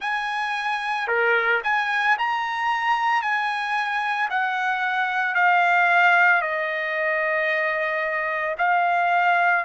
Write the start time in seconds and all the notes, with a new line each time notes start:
0.00 G#5
1.07 A#4
1.63 G#5
2.18 A#5
3.21 G#5
4.30 F#5
5.35 F5
6.41 D#5
8.58 F5